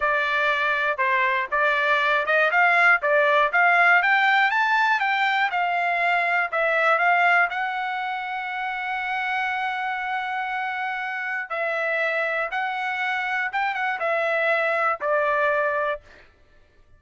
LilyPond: \new Staff \with { instrumentName = "trumpet" } { \time 4/4 \tempo 4 = 120 d''2 c''4 d''4~ | d''8 dis''8 f''4 d''4 f''4 | g''4 a''4 g''4 f''4~ | f''4 e''4 f''4 fis''4~ |
fis''1~ | fis''2. e''4~ | e''4 fis''2 g''8 fis''8 | e''2 d''2 | }